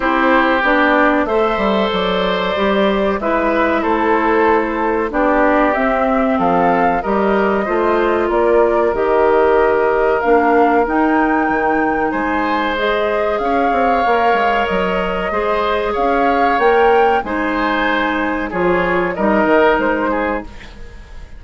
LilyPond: <<
  \new Staff \with { instrumentName = "flute" } { \time 4/4 \tempo 4 = 94 c''4 d''4 e''4 d''4~ | d''4 e''4 c''2 | d''4 e''4 f''4 dis''4~ | dis''4 d''4 dis''2 |
f''4 g''2 gis''4 | dis''4 f''2 dis''4~ | dis''4 f''4 g''4 gis''4~ | gis''4 cis''4 dis''4 c''4 | }
  \new Staff \with { instrumentName = "oboe" } { \time 4/4 g'2 c''2~ | c''4 b'4 a'2 | g'2 a'4 ais'4 | c''4 ais'2.~ |
ais'2. c''4~ | c''4 cis''2. | c''4 cis''2 c''4~ | c''4 gis'4 ais'4. gis'8 | }
  \new Staff \with { instrumentName = "clarinet" } { \time 4/4 e'4 d'4 a'2 | g'4 e'2. | d'4 c'2 g'4 | f'2 g'2 |
d'4 dis'2. | gis'2 ais'2 | gis'2 ais'4 dis'4~ | dis'4 f'4 dis'2 | }
  \new Staff \with { instrumentName = "bassoon" } { \time 4/4 c'4 b4 a8 g8 fis4 | g4 gis4 a2 | b4 c'4 f4 g4 | a4 ais4 dis2 |
ais4 dis'4 dis4 gis4~ | gis4 cis'8 c'8 ais8 gis8 fis4 | gis4 cis'4 ais4 gis4~ | gis4 f4 g8 dis8 gis4 | }
>>